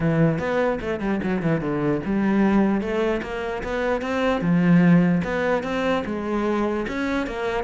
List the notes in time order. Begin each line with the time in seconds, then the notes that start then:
0.00 E3
0.38 B3
0.81 A3
1.00 G3
1.23 F#3
1.42 E3
1.60 D3
2.05 G3
2.81 A3
3.22 A#3
3.63 B3
4.01 C4
4.41 F3
5.24 B3
5.63 C4
6.05 G#3
6.88 C#4
7.26 A#3